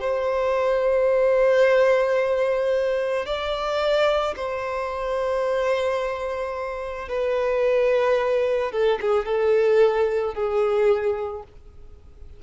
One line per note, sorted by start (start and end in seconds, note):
0.00 3.25 C5
3.25 4.34 D5
4.36 7.08 C5
7.08 8.71 B4
8.71 8.99 A4
9.00 9.25 G#4
9.25 10.34 A4
10.34 11.43 G#4